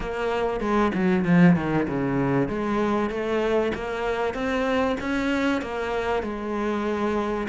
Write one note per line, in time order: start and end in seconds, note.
0.00 0.60 A#3
0.60 0.91 G#3
0.94 1.24 F#3
1.24 1.55 F3
1.56 1.87 D#3
1.88 2.48 C#3
2.48 3.10 G#3
3.10 3.72 A3
3.74 4.34 A#3
4.34 4.96 C4
5.00 5.61 C#4
5.61 6.22 A#3
6.22 7.47 G#3